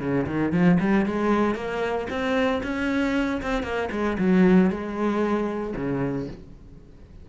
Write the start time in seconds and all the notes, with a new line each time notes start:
0.00 C#3
0.27 D#3
0.53 F3
0.80 G3
1.06 G#3
1.55 A#3
2.10 C4
2.63 C#4
3.42 C4
3.63 A#3
3.92 G#3
4.19 F#3
4.70 G#3
5.76 C#3